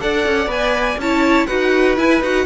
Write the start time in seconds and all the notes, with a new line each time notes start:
0.00 D4 A4 D5 F#5
0.26 C#4
0.46 B3 B4 G#5
0.97 C#4 E4 C#5 A5
1.46 D#4 F#4 B4 F#5
1.97 E4 G#5
2.21 D#4 F#4 F#5